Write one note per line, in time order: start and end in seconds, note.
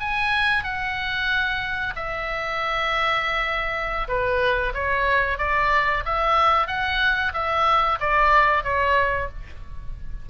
0.00 0.64 G#5
0.64 1.94 F#5
1.96 4.08 E5
4.08 4.73 B4
4.74 5.38 C#5
5.38 6.03 D5
6.05 6.67 E5
6.67 7.33 F#5
7.34 7.99 E5
8.00 8.64 D5
8.64 9.29 C#5